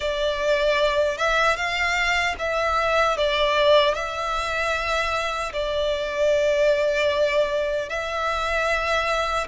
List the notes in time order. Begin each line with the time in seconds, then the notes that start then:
0.00 D5
1.17 E5
1.56 F5
2.39 E5
3.17 D5
3.94 E5
5.52 D5
7.89 E5